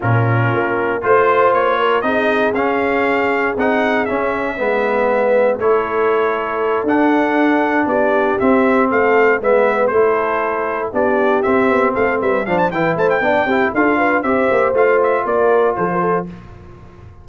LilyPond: <<
  \new Staff \with { instrumentName = "trumpet" } { \time 4/4 \tempo 4 = 118 ais'2 c''4 cis''4 | dis''4 f''2 fis''4 | e''2. cis''4~ | cis''4. fis''2 d''8~ |
d''8 e''4 f''4 e''4 c''8~ | c''4. d''4 e''4 f''8 | e''8 f''16 a''16 g''8 a''16 g''4~ g''16 f''4 | e''4 f''8 e''8 d''4 c''4 | }
  \new Staff \with { instrumentName = "horn" } { \time 4/4 f'2 c''4. ais'8 | gis'1~ | gis'4 b'2 a'4~ | a'2.~ a'8 g'8~ |
g'4. a'4 b'4 a'8~ | a'4. g'2 a'8 | b'8 c''8 b'8 c''8 d''8 g'8 a'8 b'8 | c''2 ais'4 a'16 ais'16 a'8 | }
  \new Staff \with { instrumentName = "trombone" } { \time 4/4 cis'2 f'2 | dis'4 cis'2 dis'4 | cis'4 b2 e'4~ | e'4. d'2~ d'8~ |
d'8 c'2 b4 e'8~ | e'4. d'4 c'4.~ | c'8 d'8 e'4 d'8 e'8 f'4 | g'4 f'2. | }
  \new Staff \with { instrumentName = "tuba" } { \time 4/4 ais,4 ais4 a4 ais4 | c'4 cis'2 c'4 | cis'4 gis2 a4~ | a4. d'2 b8~ |
b8 c'4 a4 gis4 a8~ | a4. b4 c'8 b8 a8 | g8 f8 e8 a8 b8 c'8 d'4 | c'8 ais8 a4 ais4 f4 | }
>>